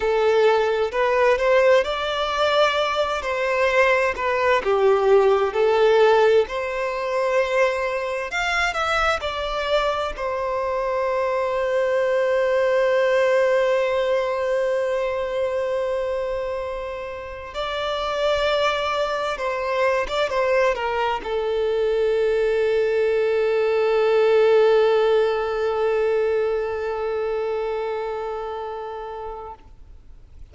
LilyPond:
\new Staff \with { instrumentName = "violin" } { \time 4/4 \tempo 4 = 65 a'4 b'8 c''8 d''4. c''8~ | c''8 b'8 g'4 a'4 c''4~ | c''4 f''8 e''8 d''4 c''4~ | c''1~ |
c''2. d''4~ | d''4 c''8. d''16 c''8 ais'8 a'4~ | a'1~ | a'1 | }